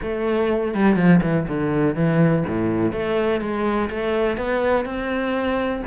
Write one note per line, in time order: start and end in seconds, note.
0.02 0.74 A3
0.74 0.96 G3
0.96 1.20 F3
1.22 1.47 E3
1.47 1.95 D3
1.95 2.44 E3
2.47 2.92 A2
2.92 3.40 A3
3.40 3.89 G#3
3.90 4.37 A3
4.37 4.85 B3
4.85 5.82 C4